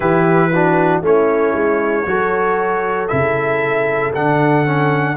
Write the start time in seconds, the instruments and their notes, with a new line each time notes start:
0.00 tuba E3, trombone E4, horn G4, trumpet B4
0.52 trombone D4, horn F#4
1.01 tuba A3, trombone C#4, horn E4, trumpet C#5
1.54 tuba G#3
2.06 tuba F#3, trombone F#4, horn A4
3.08 tuba C#3, trombone E4, trumpet E5
4.14 tuba D3, trombone D4, trumpet F#5
4.65 trombone C#4